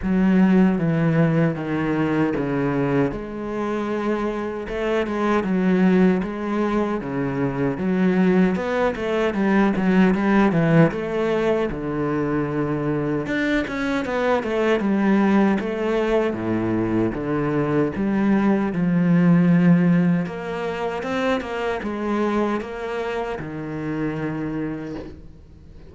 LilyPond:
\new Staff \with { instrumentName = "cello" } { \time 4/4 \tempo 4 = 77 fis4 e4 dis4 cis4 | gis2 a8 gis8 fis4 | gis4 cis4 fis4 b8 a8 | g8 fis8 g8 e8 a4 d4~ |
d4 d'8 cis'8 b8 a8 g4 | a4 a,4 d4 g4 | f2 ais4 c'8 ais8 | gis4 ais4 dis2 | }